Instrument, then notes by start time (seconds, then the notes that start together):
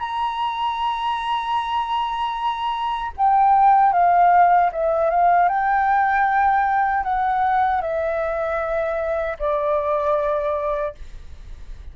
flute
0.00 A#5
3.17 G5
3.93 F5
4.72 E5
5.10 F5
5.49 G5
7.03 F#5
7.82 E5
9.39 D5